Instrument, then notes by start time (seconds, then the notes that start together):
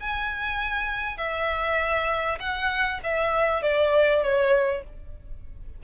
violin
0.00 G#5
1.17 E5
2.39 F#5
3.03 E5
3.62 D5
4.23 C#5